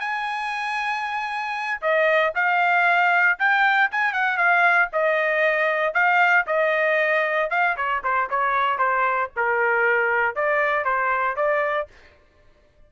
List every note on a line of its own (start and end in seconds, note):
0.00 1.81 G#5
1.82 2.33 D#5
2.35 3.39 F5
3.39 3.91 G5
3.91 4.13 G#5
4.13 4.38 F#5
4.38 4.89 F5
4.93 5.94 D#5
5.94 6.46 F5
6.47 7.50 D#5
7.50 7.76 F5
7.77 8.02 C#5
8.04 8.29 C5
8.30 8.78 C#5
8.78 9.30 C5
9.36 10.35 A#4
10.35 10.85 D5
10.85 11.36 C5
11.36 11.88 D5